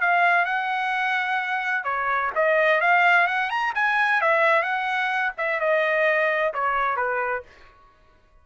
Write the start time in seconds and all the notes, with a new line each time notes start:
0.00 F5
0.45 F#5
1.84 C#5
2.35 D#5
2.80 F5
3.27 F#5
3.49 A#5
3.74 G#5
4.21 E5
4.62 F#5
5.37 E5
5.60 D#5
6.53 C#5
6.96 B4